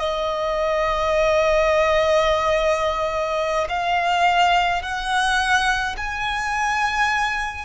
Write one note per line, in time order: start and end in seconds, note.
0.00 3.68 D#5
3.69 4.83 F5
4.83 5.96 F#5
5.97 7.66 G#5